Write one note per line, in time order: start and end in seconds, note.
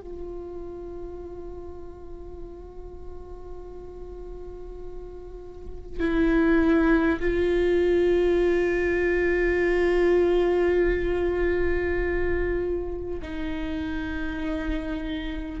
0.00 5.99 F4
5.99 7.19 E4
7.19 13.19 F4
13.22 15.60 D#4